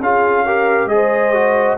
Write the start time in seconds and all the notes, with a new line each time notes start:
0.00 C#4 F4 G#4 F5
0.45 G4 A#4
0.86 G#3 G#4 D#5
0.94 C5
1.34 F#4